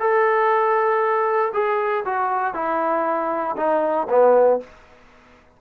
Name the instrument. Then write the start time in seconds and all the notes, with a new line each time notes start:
trombone
0.00 A4
1.54 G#4
2.05 F#4
2.55 E4
3.57 D#4
4.10 B3